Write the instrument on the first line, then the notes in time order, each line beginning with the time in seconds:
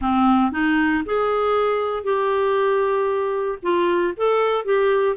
clarinet
0.01 C4
0.51 D#4
1.05 G#4
2.03 G4
3.62 F4
4.16 A4
4.65 G4